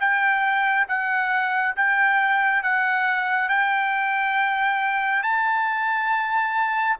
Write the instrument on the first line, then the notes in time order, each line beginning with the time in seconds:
trumpet
0.00 G5
0.88 F#5
1.76 G5
2.63 F#5
3.49 G5
5.23 A5